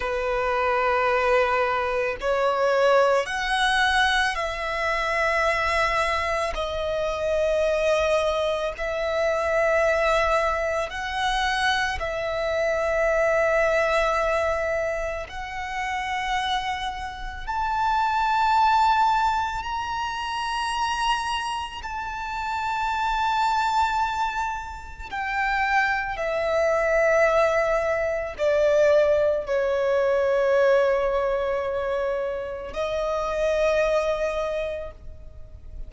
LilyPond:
\new Staff \with { instrumentName = "violin" } { \time 4/4 \tempo 4 = 55 b'2 cis''4 fis''4 | e''2 dis''2 | e''2 fis''4 e''4~ | e''2 fis''2 |
a''2 ais''2 | a''2. g''4 | e''2 d''4 cis''4~ | cis''2 dis''2 | }